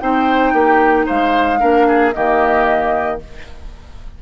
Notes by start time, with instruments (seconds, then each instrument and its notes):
0.00 bassoon C4, clarinet D#4, oboe C5, flute G5
0.53 bassoon A#3, oboe G4
1.06 bassoon G#3, oboe C5, flute F5
1.59 bassoon A#3, clarinet D4, oboe A#4
1.88 oboe G#4
2.13 bassoon D#3, clarinet A#3, oboe G4, flute D#5